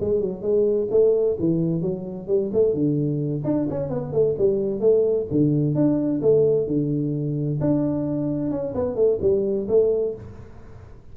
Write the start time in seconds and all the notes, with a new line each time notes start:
0.00 G#3
0.20 F#3
0.42 G#3
0.90 A3
1.39 E3
1.81 F#3
2.27 G3
2.53 A3
2.74 D3
3.44 D4
3.70 C#4
3.89 B3
4.12 A3
4.38 G3
4.80 A3
5.31 D3
5.75 D4
6.22 A3
6.67 D3
7.60 D4
8.50 C#4
8.75 B3
8.95 A3
9.21 G3
9.68 A3